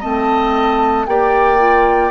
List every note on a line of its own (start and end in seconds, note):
0.00 1.07 A3
0.00 1.07 C4
0.00 1.05 D#5
0.00 1.07 A5
1.07 2.11 A#3
1.07 1.59 G4
1.07 2.11 D5
1.07 2.11 G5
1.59 2.11 F4